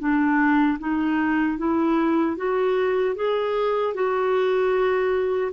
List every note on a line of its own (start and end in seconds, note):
0.00 0.79 D4
0.79 1.58 D#4
1.58 2.37 E4
2.37 3.16 F#4
3.16 3.95 G#4
3.95 5.53 F#4